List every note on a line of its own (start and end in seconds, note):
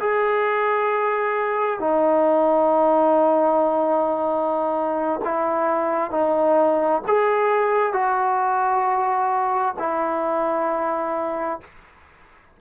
0.00 1.80 G#4
1.80 5.21 D#4
5.25 6.11 E4
6.11 7.02 D#4
7.07 7.93 G#4
7.93 9.75 F#4
9.79 11.61 E4